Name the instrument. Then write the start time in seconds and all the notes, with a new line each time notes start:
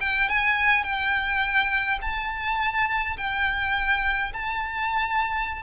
violin
0.00 G5
0.29 G#5
0.83 G5
2.01 A5
3.17 G5
4.33 A5